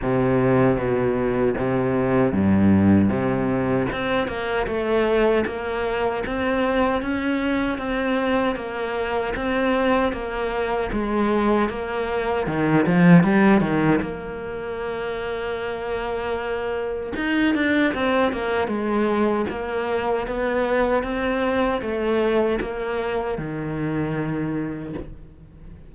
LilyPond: \new Staff \with { instrumentName = "cello" } { \time 4/4 \tempo 4 = 77 c4 b,4 c4 g,4 | c4 c'8 ais8 a4 ais4 | c'4 cis'4 c'4 ais4 | c'4 ais4 gis4 ais4 |
dis8 f8 g8 dis8 ais2~ | ais2 dis'8 d'8 c'8 ais8 | gis4 ais4 b4 c'4 | a4 ais4 dis2 | }